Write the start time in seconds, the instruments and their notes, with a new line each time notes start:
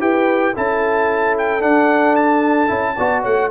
0.00 tuba E4, trombone G4, horn B4, trumpet G5
0.55 tuba C#4, trombone E4, horn A4, trumpet A5
1.38 trumpet G5
1.60 trombone D4, tuba D4, trumpet F#5
2.16 trumpet A5
2.67 tuba C#4, trombone E4
2.95 tuba B3, trombone F#4, horn D5
3.22 tuba A3, horn C#5, trumpet F#5